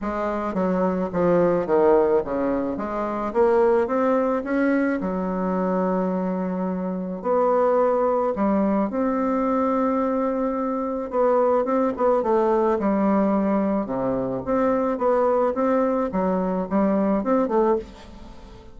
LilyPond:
\new Staff \with { instrumentName = "bassoon" } { \time 4/4 \tempo 4 = 108 gis4 fis4 f4 dis4 | cis4 gis4 ais4 c'4 | cis'4 fis2.~ | fis4 b2 g4 |
c'1 | b4 c'8 b8 a4 g4~ | g4 c4 c'4 b4 | c'4 fis4 g4 c'8 a8 | }